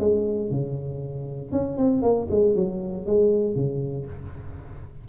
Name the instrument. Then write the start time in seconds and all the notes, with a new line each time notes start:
tuba
0.00 G#3
0.51 C#3
1.52 C#4
1.78 C4
2.02 A#3
2.31 G#3
2.55 F#3
3.06 G#3
3.55 C#3